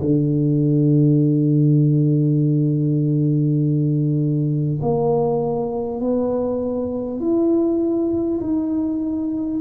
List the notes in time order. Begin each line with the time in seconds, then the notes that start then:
0.00 D3
4.82 A#3
6.01 B3
7.20 E4
8.40 D#4